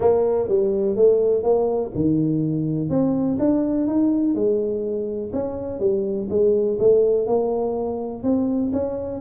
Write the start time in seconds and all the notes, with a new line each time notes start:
0.00 A#3
0.48 G3
0.96 A3
1.43 A#3
1.94 D#3
2.89 C4
3.39 D4
3.87 D#4
4.35 G#3
5.32 C#4
5.79 G3
6.29 G#3
6.79 A3
7.26 A#3
8.23 C4
8.72 C#4